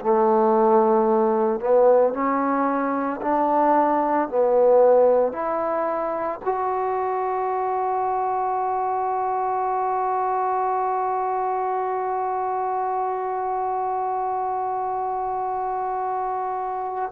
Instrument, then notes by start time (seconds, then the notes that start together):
trombone
0.00 A3
1.60 B3
2.13 C#4
3.21 D4
4.29 B3
5.33 E4
6.45 F#4